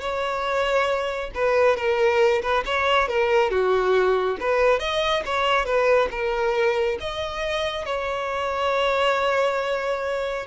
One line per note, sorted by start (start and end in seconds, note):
0.00 1.30 C#5
1.34 1.76 B4
1.76 2.42 A#4
2.42 2.64 B4
2.65 3.08 C#5
3.08 3.50 A#4
3.50 4.37 F#4
4.40 4.79 B4
4.79 5.23 D#5
5.25 5.65 C#5
5.65 6.09 B4
6.11 6.98 A#4
7.00 7.85 D#5
7.85 10.46 C#5